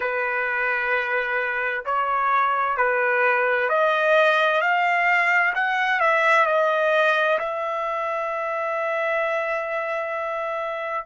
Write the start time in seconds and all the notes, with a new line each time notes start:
0.00 B4
1.85 C#5
2.77 B4
3.69 D#5
4.61 F5
5.54 F#5
6.00 E5
6.46 D#5
7.38 E5